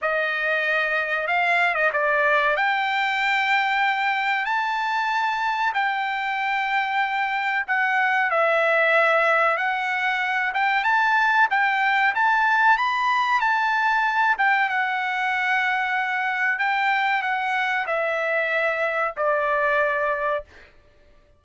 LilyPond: \new Staff \with { instrumentName = "trumpet" } { \time 4/4 \tempo 4 = 94 dis''2 f''8. dis''16 d''4 | g''2. a''4~ | a''4 g''2. | fis''4 e''2 fis''4~ |
fis''8 g''8 a''4 g''4 a''4 | b''4 a''4. g''8 fis''4~ | fis''2 g''4 fis''4 | e''2 d''2 | }